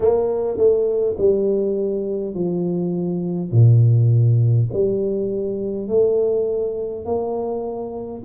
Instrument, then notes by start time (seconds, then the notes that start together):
tuba
0.00 A#3
0.57 A3
1.18 G3
2.34 F3
3.51 A#2
4.73 G3
5.88 A3
7.05 A#3